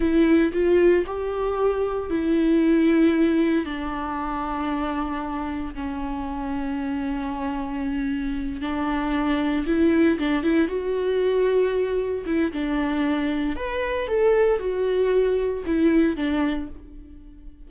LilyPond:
\new Staff \with { instrumentName = "viola" } { \time 4/4 \tempo 4 = 115 e'4 f'4 g'2 | e'2. d'4~ | d'2. cis'4~ | cis'1~ |
cis'8 d'2 e'4 d'8 | e'8 fis'2. e'8 | d'2 b'4 a'4 | fis'2 e'4 d'4 | }